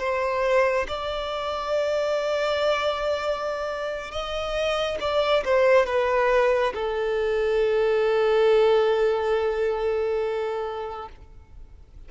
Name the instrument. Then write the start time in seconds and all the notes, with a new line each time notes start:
violin
0.00 C5
0.88 D5
4.12 D#5
5.01 D5
5.45 C5
5.87 B4
6.74 A4